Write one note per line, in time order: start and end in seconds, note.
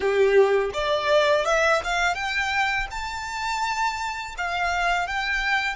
0.00 0.71 G4
0.73 1.45 D5
1.45 1.81 E5
1.83 2.14 F5
2.14 2.87 G5
2.90 4.35 A5
4.37 5.07 F5
5.07 5.75 G5